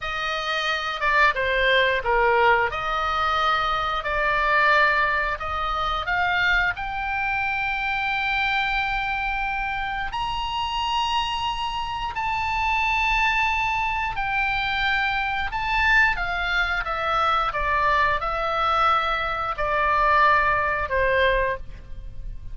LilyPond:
\new Staff \with { instrumentName = "oboe" } { \time 4/4 \tempo 4 = 89 dis''4. d''8 c''4 ais'4 | dis''2 d''2 | dis''4 f''4 g''2~ | g''2. ais''4~ |
ais''2 a''2~ | a''4 g''2 a''4 | f''4 e''4 d''4 e''4~ | e''4 d''2 c''4 | }